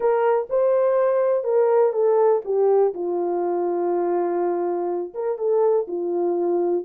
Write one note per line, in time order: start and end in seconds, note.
0.00 0.47 A#4
0.49 1.44 C5
1.44 1.92 A#4
1.92 2.41 A4
2.45 2.93 G4
2.94 5.13 F4
5.14 5.37 A#4
5.37 5.86 A4
5.87 6.85 F4